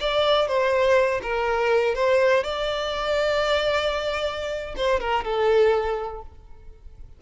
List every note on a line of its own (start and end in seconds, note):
0.00 0.48 D5
0.48 1.21 C5
1.23 1.95 A#4
1.95 2.44 C5
2.44 4.75 D5
4.77 5.00 C5
5.00 5.24 A#4
5.24 6.22 A4